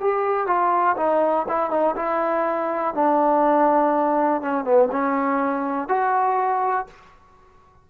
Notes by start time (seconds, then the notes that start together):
0.00 G4
0.47 F4
0.97 D#4
1.48 E4
1.71 D#4
1.96 E4
2.95 D4
4.42 C#4
4.65 B3
4.91 C#4
5.88 F#4